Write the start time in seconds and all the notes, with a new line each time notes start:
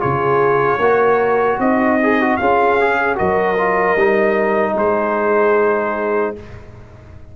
0.00 C#3 F4 G#4 C#5
0.79 A#3 F#4 A#4
1.59 C4 D#4 D#5
2.04 G#4
2.21 F#4
2.37 C#4 F4 G#4 F5
2.81 G#4
3.16 F#3 F#4 A#4 D#5
3.58 F4
3.95 G3 D#4
4.74 G#3 G#4 C5